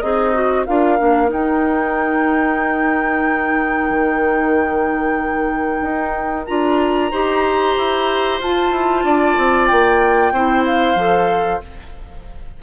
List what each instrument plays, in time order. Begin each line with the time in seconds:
0.00 bassoon C4, oboe D#4, clarinet G#4, flute D#5
0.34 clarinet F#4
0.66 bassoon D4, clarinet F4, oboe A#4, flute F5
0.98 bassoon A#3, clarinet D4
1.27 clarinet D#4, bassoon D#4, flute G5
3.90 bassoon D#3
5.82 bassoon D#4
6.46 bassoon D4, clarinet F4, flute A#5
7.11 bassoon D#4, clarinet G4, oboe C5
7.77 bassoon E4
8.41 bassoon F4, clarinet F4, flute A5
8.72 bassoon E4
9.04 bassoon D4, oboe D5
9.38 bassoon C4
9.67 bassoon A#3, flute G5
10.32 bassoon C4, clarinet E4, oboe C5
10.66 flute F5
10.96 bassoon F3, clarinet A4